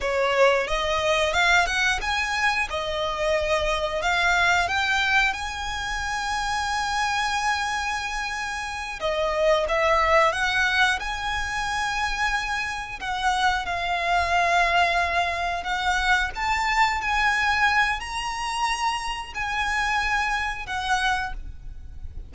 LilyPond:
\new Staff \with { instrumentName = "violin" } { \time 4/4 \tempo 4 = 90 cis''4 dis''4 f''8 fis''8 gis''4 | dis''2 f''4 g''4 | gis''1~ | gis''4. dis''4 e''4 fis''8~ |
fis''8 gis''2. fis''8~ | fis''8 f''2. fis''8~ | fis''8 a''4 gis''4. ais''4~ | ais''4 gis''2 fis''4 | }